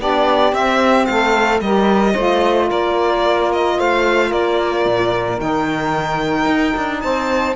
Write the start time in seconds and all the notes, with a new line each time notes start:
0.00 B3 D4 G4 D5
0.53 C4 E5
1.06 A3 A4 F5
1.60 G3 G4 A#4 D#5
2.13 A3 F4 C5
2.69 A#3 A#4 D5
3.53 D#5
3.78 A3 C5 F5
4.29 A#3 A#4 D5
4.85 A#2
5.38 D#3 D#4 G5
6.46 D#4
6.77 D4
7.00 C4 C5 A5